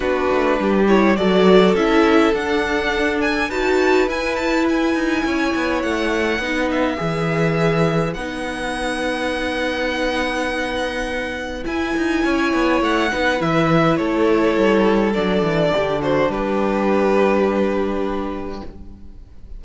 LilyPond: <<
  \new Staff \with { instrumentName = "violin" } { \time 4/4 \tempo 4 = 103 b'4. cis''8 d''4 e''4 | fis''4. gis''8 a''4 gis''8 a''8 | gis''2 fis''4. e''8~ | e''2 fis''2~ |
fis''1 | gis''2 fis''4 e''4 | cis''2 d''4. c''8 | b'1 | }
  \new Staff \with { instrumentName = "violin" } { \time 4/4 fis'4 g'4 a'2~ | a'2 b'2~ | b'4 cis''2 b'4~ | b'1~ |
b'1~ | b'4 cis''4. b'4. | a'2. g'8 fis'8 | g'1 | }
  \new Staff \with { instrumentName = "viola" } { \time 4/4 d'4. e'8 fis'4 e'4 | d'2 fis'4 e'4~ | e'2. dis'4 | gis'2 dis'2~ |
dis'1 | e'2~ e'8 dis'8 e'4~ | e'2 d'2~ | d'1 | }
  \new Staff \with { instrumentName = "cello" } { \time 4/4 b8 a8 g4 fis4 cis'4 | d'2 dis'4 e'4~ | e'8 dis'8 cis'8 b8 a4 b4 | e2 b2~ |
b1 | e'8 dis'8 cis'8 b8 a8 b8 e4 | a4 g4 fis8 e8 d4 | g1 | }
>>